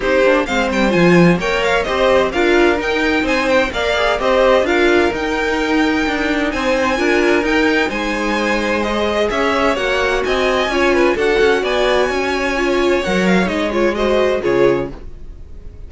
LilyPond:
<<
  \new Staff \with { instrumentName = "violin" } { \time 4/4 \tempo 4 = 129 c''4 f''8 g''8 gis''4 g''8 f''8 | dis''4 f''4 g''4 gis''8 g''8 | f''4 dis''4 f''4 g''4~ | g''2 gis''2 |
g''4 gis''2 dis''4 | e''4 fis''4 gis''2 | fis''4 gis''2. | fis''8 f''8 dis''8 cis''8 dis''4 cis''4 | }
  \new Staff \with { instrumentName = "violin" } { \time 4/4 g'4 c''2 cis''4 | c''4 ais'2 c''4 | d''4 c''4 ais'2~ | ais'2 c''4 ais'4~ |
ais'4 c''2. | cis''2 dis''4 cis''8 b'8 | a'4 d''4 cis''2~ | cis''2 c''4 gis'4 | }
  \new Staff \with { instrumentName = "viola" } { \time 4/4 dis'8 d'8 c'4 f'4 ais'4 | g'4 f'4 dis'2 | ais'8 gis'8 g'4 f'4 dis'4~ | dis'2. f'4 |
dis'2. gis'4~ | gis'4 fis'2 f'4 | fis'2. f'4 | ais'4 dis'8 f'8 fis'4 f'4 | }
  \new Staff \with { instrumentName = "cello" } { \time 4/4 c'8 ais8 gis8 g8 f4 ais4 | c'4 d'4 dis'4 c'4 | ais4 c'4 d'4 dis'4~ | dis'4 d'4 c'4 d'4 |
dis'4 gis2. | cis'4 ais4 c'4 cis'4 | d'8 cis'8 b4 cis'2 | fis4 gis2 cis4 | }
>>